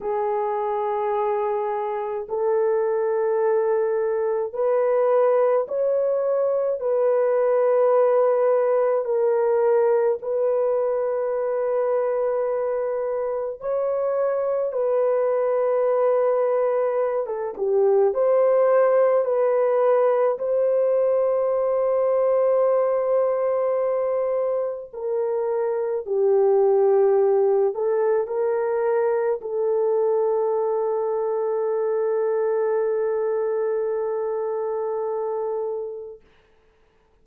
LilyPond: \new Staff \with { instrumentName = "horn" } { \time 4/4 \tempo 4 = 53 gis'2 a'2 | b'4 cis''4 b'2 | ais'4 b'2. | cis''4 b'2~ b'16 a'16 g'8 |
c''4 b'4 c''2~ | c''2 ais'4 g'4~ | g'8 a'8 ais'4 a'2~ | a'1 | }